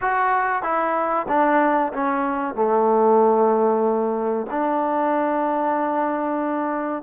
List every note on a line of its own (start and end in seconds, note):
0.01 0.62 F#4
0.62 1.26 E4
1.28 1.92 D4
1.93 2.54 C#4
2.54 4.46 A3
4.50 7.02 D4